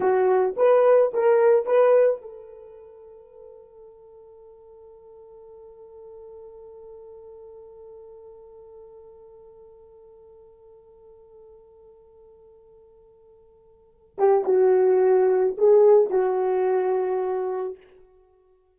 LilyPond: \new Staff \with { instrumentName = "horn" } { \time 4/4 \tempo 4 = 108 fis'4 b'4 ais'4 b'4 | a'1~ | a'1~ | a'1~ |
a'1~ | a'1~ | a'4. g'8 fis'2 | gis'4 fis'2. | }